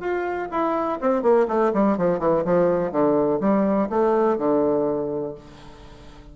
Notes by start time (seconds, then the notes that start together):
0.00 F4
0.51 E4
1.01 C4
1.22 A#3
1.48 A3
1.74 G3
1.98 F3
2.19 E3
2.45 F3
2.91 D3
3.40 G3
3.90 A3
4.38 D3